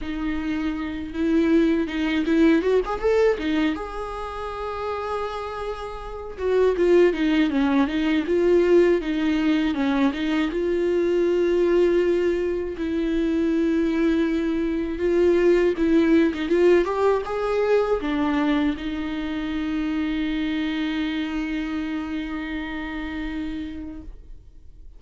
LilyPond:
\new Staff \with { instrumentName = "viola" } { \time 4/4 \tempo 4 = 80 dis'4. e'4 dis'8 e'8 fis'16 gis'16 | a'8 dis'8 gis'2.~ | gis'8 fis'8 f'8 dis'8 cis'8 dis'8 f'4 | dis'4 cis'8 dis'8 f'2~ |
f'4 e'2. | f'4 e'8. dis'16 f'8 g'8 gis'4 | d'4 dis'2.~ | dis'1 | }